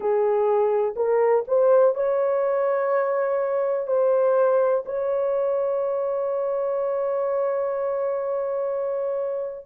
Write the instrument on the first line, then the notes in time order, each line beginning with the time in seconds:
horn
0.00 G#4
0.95 A#4
1.47 C5
1.94 C#5
3.87 C5
4.85 C#5